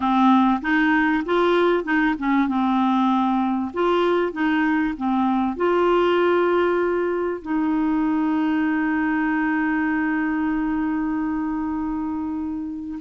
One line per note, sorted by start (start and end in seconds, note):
0.00 0.60 C4
0.61 1.23 D#4
1.25 1.84 F4
1.84 2.15 D#4
2.18 2.47 C#4
2.47 3.71 C4
3.73 4.32 F4
4.32 4.94 D#4
4.97 5.56 C4
5.56 7.41 F4
7.42 12.98 D#4